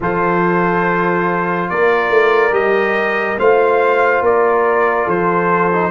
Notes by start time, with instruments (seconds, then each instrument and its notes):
0.00 tuba F3, trombone F4, horn A4, trumpet C5
1.69 tuba A#3, horn A#4, trumpet D5
2.09 tuba A3
2.51 tuba G3, trombone G4, trumpet D#5
3.38 tuba A3, trombone F4, horn C5, trumpet F5
4.21 tuba A#3, horn A#4, trumpet D5
5.05 tuba F3, horn A4, trumpet C5
5.72 trombone D#4